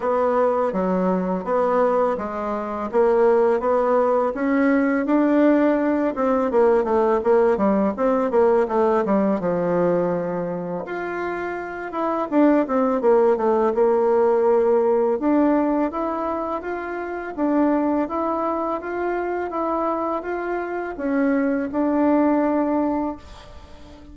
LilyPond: \new Staff \with { instrumentName = "bassoon" } { \time 4/4 \tempo 4 = 83 b4 fis4 b4 gis4 | ais4 b4 cis'4 d'4~ | d'8 c'8 ais8 a8 ais8 g8 c'8 ais8 | a8 g8 f2 f'4~ |
f'8 e'8 d'8 c'8 ais8 a8 ais4~ | ais4 d'4 e'4 f'4 | d'4 e'4 f'4 e'4 | f'4 cis'4 d'2 | }